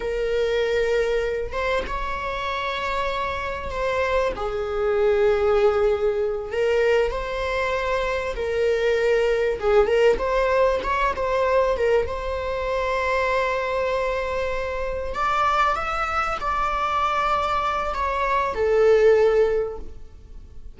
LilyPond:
\new Staff \with { instrumentName = "viola" } { \time 4/4 \tempo 4 = 97 ais'2~ ais'8 c''8 cis''4~ | cis''2 c''4 gis'4~ | gis'2~ gis'8 ais'4 c''8~ | c''4. ais'2 gis'8 |
ais'8 c''4 cis''8 c''4 ais'8 c''8~ | c''1~ | c''8 d''4 e''4 d''4.~ | d''4 cis''4 a'2 | }